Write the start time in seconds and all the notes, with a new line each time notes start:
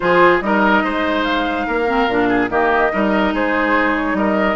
0.00 F3 F4 G#4 C5
0.40 G3 D#4 A#4 D#5
0.83 G#3 C5
1.23 F5
1.66 A#3 A#4
1.87 C4
2.07 A#2 D4
2.28 G#4
2.49 D#3 A#3 G4 D#5
2.92 G3 D#4 A#4
3.33 G#3 G#4 C5
3.96 C#5
4.13 G3 A#4 D#5